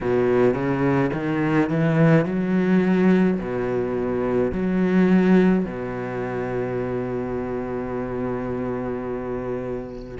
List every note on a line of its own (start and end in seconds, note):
0.00 0.54 B2
0.54 1.10 C#3
1.13 1.69 D#3
1.69 2.25 E3
2.25 3.38 F#3
3.39 4.52 B2
4.52 5.65 F#3
5.65 10.18 B2